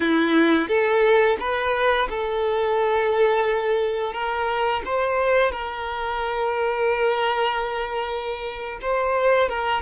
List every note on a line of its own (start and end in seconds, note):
0.00 0.68 E4
0.68 1.37 A4
1.39 2.08 B4
2.09 4.13 A4
4.13 4.82 A#4
4.85 5.51 C5
5.51 8.79 A#4
8.81 9.48 C5
9.48 9.82 A#4